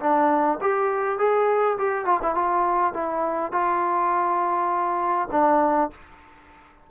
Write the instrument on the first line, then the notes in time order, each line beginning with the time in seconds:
trombone
0.00 D4
0.61 G4
1.18 G#4
1.78 G4
2.05 F4
2.22 E4
2.34 F4
2.93 E4
3.52 F4
5.31 D4